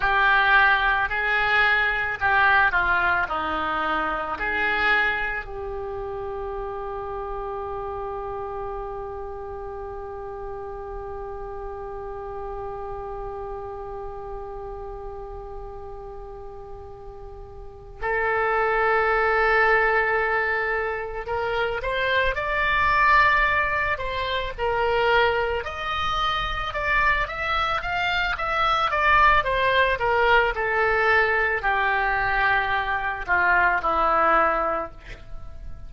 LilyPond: \new Staff \with { instrumentName = "oboe" } { \time 4/4 \tempo 4 = 55 g'4 gis'4 g'8 f'8 dis'4 | gis'4 g'2.~ | g'1~ | g'1~ |
g'8 a'2. ais'8 | c''8 d''4. c''8 ais'4 dis''8~ | dis''8 d''8 e''8 f''8 e''8 d''8 c''8 ais'8 | a'4 g'4. f'8 e'4 | }